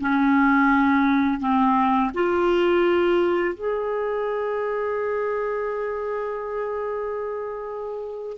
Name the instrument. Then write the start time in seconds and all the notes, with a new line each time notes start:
clarinet
0.00 C#4
1.40 C4
2.14 F4
3.55 G#4